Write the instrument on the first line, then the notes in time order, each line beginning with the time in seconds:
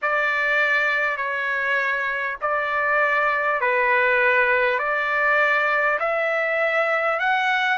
trumpet
0.02 D5
1.17 C#5
2.41 D5
3.60 B4
4.78 D5
5.99 E5
7.19 F#5